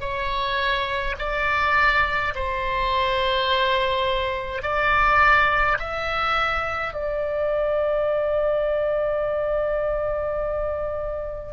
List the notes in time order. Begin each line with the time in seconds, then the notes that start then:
0.00 C#5
1.19 D5
2.35 C5
4.62 D5
5.78 E5
6.93 D5